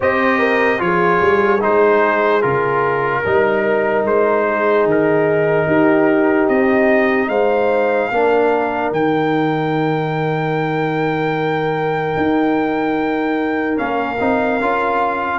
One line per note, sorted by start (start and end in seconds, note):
0.00 0.80 C4
0.00 0.78 G4
0.00 0.39 C5
0.00 0.80 D#5
0.39 0.79 A#4
0.78 1.20 F3
0.78 1.59 F4
0.78 3.22 G#4
0.78 1.61 C#5
1.21 1.61 G3
1.60 2.44 G#3
1.60 2.41 D#4
1.60 2.42 C5
2.41 3.25 C#3
2.41 3.22 F4
2.41 4.04 A#4
3.22 4.04 G3
3.22 8.12 D#4
3.22 4.44 A#4
4.04 4.85 G#3
4.04 4.87 C5
4.47 5.66 G#4
4.85 5.66 D#3
4.85 6.48 A#4
5.66 6.47 D#4
5.66 7.28 G4
6.48 7.28 C4
6.48 7.29 D#5
7.28 8.09 G#3
7.28 8.10 C5
7.28 8.91 F5
8.11 8.91 A#3
8.11 8.94 D4
8.11 15.38 A#4
8.91 12.16 D#3
8.91 13.76 D#4
8.91 13.78 G5
12.16 13.78 D#4
13.76 14.20 A#3
13.76 14.16 C#4
13.76 15.38 F5
14.19 14.60 C4
14.19 14.60 D#4
14.60 15.38 C#4
14.60 15.38 F4